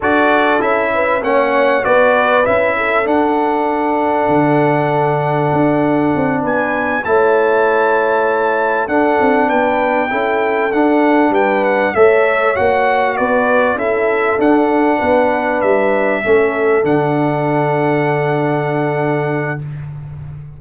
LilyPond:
<<
  \new Staff \with { instrumentName = "trumpet" } { \time 4/4 \tempo 4 = 98 d''4 e''4 fis''4 d''4 | e''4 fis''2.~ | fis''2~ fis''8 gis''4 a''8~ | a''2~ a''8 fis''4 g''8~ |
g''4. fis''4 g''8 fis''8 e''8~ | e''8 fis''4 d''4 e''4 fis''8~ | fis''4. e''2 fis''8~ | fis''1 | }
  \new Staff \with { instrumentName = "horn" } { \time 4/4 a'4. b'8 cis''4 b'4~ | b'8 a'2.~ a'8~ | a'2~ a'8 b'4 cis''8~ | cis''2~ cis''8 a'4 b'8~ |
b'8 a'2 b'4 cis''8~ | cis''4. b'4 a'4.~ | a'8 b'2 a'4.~ | a'1 | }
  \new Staff \with { instrumentName = "trombone" } { \time 4/4 fis'4 e'4 cis'4 fis'4 | e'4 d'2.~ | d'2.~ d'8 e'8~ | e'2~ e'8 d'4.~ |
d'8 e'4 d'2 a'8~ | a'8 fis'2 e'4 d'8~ | d'2~ d'8 cis'4 d'8~ | d'1 | }
  \new Staff \with { instrumentName = "tuba" } { \time 4/4 d'4 cis'4 ais4 b4 | cis'4 d'2 d4~ | d4 d'4 c'8 b4 a8~ | a2~ a8 d'8 c'8 b8~ |
b8 cis'4 d'4 g4 a8~ | a8 ais4 b4 cis'4 d'8~ | d'8 b4 g4 a4 d8~ | d1 | }
>>